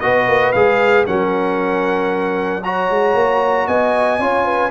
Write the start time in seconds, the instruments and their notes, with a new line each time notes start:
0.00 tuba B3, trombone F#4, horn B4, trumpet D#5
0.27 tuba A#3
0.52 tuba G#3, trombone G#4, trumpet F5
1.06 tuba F#3, trombone C#4, horn A#4, trumpet F#5
2.63 trombone F#4, horn C#5, trumpet A#5
2.89 tuba G#3
3.14 tuba A#3
3.67 tuba B3, horn D#5, trumpet G#5
4.18 tuba C#4, trombone F4, horn C#5
4.44 horn B4